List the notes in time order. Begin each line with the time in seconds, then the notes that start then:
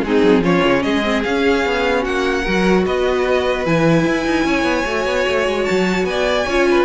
0.00 G#3 D#4 G#4
0.06 C4
0.23 F#3
0.40 F3 C#4 F4 C#5
0.65 C#3
0.83 G#3 G#4 D#5
1.03 C4
1.24 C#4 F5
1.66 B3
2.02 A#3 F#4 F#5
2.43 F#3 F#4 A#4
2.86 B3 B4 D#5
3.66 E3 E4 G#5
4.05 E4
4.26 D#4
4.44 C#4 C#5
4.64 B3
4.86 A3 F#4
5.06 B3
5.28 A3
5.48 G#3
5.65 F#3 A5
6.04 B3 D5 G#5
6.48 C#4 F4 C#5
6.71 B4